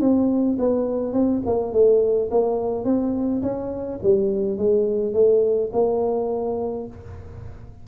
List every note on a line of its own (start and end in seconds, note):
0.00 0.57 C4
0.58 1.13 B3
1.13 1.41 C4
1.45 1.72 A#3
1.72 2.29 A3
2.30 2.84 A#3
2.84 3.42 C4
3.42 3.99 C#4
4.03 4.57 G3
4.57 5.13 G#3
5.13 5.70 A3
5.72 6.87 A#3